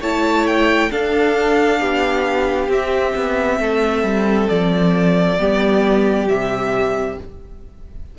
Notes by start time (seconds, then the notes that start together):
0.00 A3 E4 C#5 A5
0.47 G5
0.90 D4 A4 F5
1.79 B3 G4
2.68 C4 E5
3.15 B3
3.59 A3 A4
4.03 G3
4.49 F3 D5
5.38 G3 B3 G4
6.28 C3 G3 E5